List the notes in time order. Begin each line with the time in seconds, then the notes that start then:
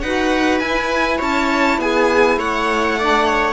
0.00 D#4 F#4 B4 F#5
0.59 E4 G#5
1.18 C#4 C#5 A5
1.78 B3 G#4 G#5
2.37 A3 C#5 F#5
2.98 D4 D5
3.25 C#5